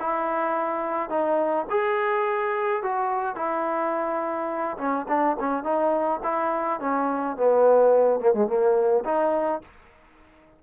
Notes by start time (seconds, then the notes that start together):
0.00 E4
1.10 D#4
1.70 G#4
2.83 F#4
3.36 E4
4.78 C#4
5.09 D4
5.40 C#4
5.64 D#4
6.23 E4
6.80 C#4
7.37 B3
8.20 A#3
8.34 G#3
8.47 A#3
9.05 D#4